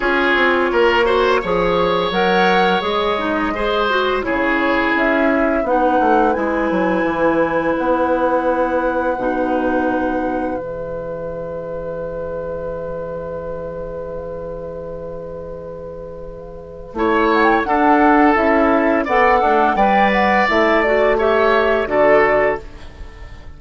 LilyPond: <<
  \new Staff \with { instrumentName = "flute" } { \time 4/4 \tempo 4 = 85 cis''2. fis''4 | dis''2 cis''4 e''4 | fis''4 gis''2 fis''4~ | fis''2. e''4~ |
e''1~ | e''1~ | e''8 fis''16 g''16 fis''4 e''4 fis''4 | g''8 fis''8 e''8 d''8 e''4 d''4 | }
  \new Staff \with { instrumentName = "oboe" } { \time 4/4 gis'4 ais'8 c''8 cis''2~ | cis''4 c''4 gis'2 | b'1~ | b'1~ |
b'1~ | b'1 | cis''4 a'2 d''8 d'8 | d''2 cis''4 a'4 | }
  \new Staff \with { instrumentName = "clarinet" } { \time 4/4 f'4. fis'8 gis'4 ais'4 | gis'8 dis'8 gis'8 fis'8 e'2 | dis'4 e'2.~ | e'4 dis'2 gis'4~ |
gis'1~ | gis'1 | e'4 d'4 e'4 a'4 | b'4 e'8 fis'8 g'4 fis'4 | }
  \new Staff \with { instrumentName = "bassoon" } { \time 4/4 cis'8 c'8 ais4 f4 fis4 | gis2 cis4 cis'4 | b8 a8 gis8 fis8 e4 b4~ | b4 b,2 e4~ |
e1~ | e1 | a4 d'4 cis'4 b8 a8 | g4 a2 d4 | }
>>